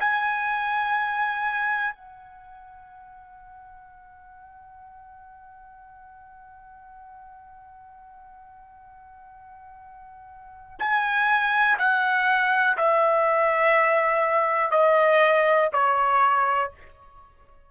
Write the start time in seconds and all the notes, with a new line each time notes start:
0.00 G#5
1.95 F#5
10.80 G#5
11.79 F#5
12.77 E5
14.72 D#5
15.73 C#5